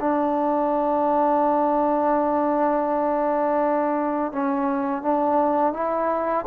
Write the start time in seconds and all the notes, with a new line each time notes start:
0.00 D4
4.32 C#4
5.02 D4
5.73 E4